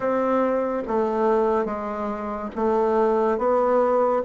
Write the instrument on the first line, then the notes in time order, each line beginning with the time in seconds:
bassoon
0.00 C4
0.87 A3
1.65 G#3
2.55 A3
3.38 B3